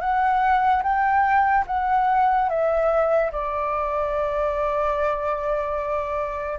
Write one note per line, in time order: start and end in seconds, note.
0.00 0.82 F#5
0.83 1.65 G5
1.67 2.49 F#5
2.49 3.31 E5
3.32 6.59 D5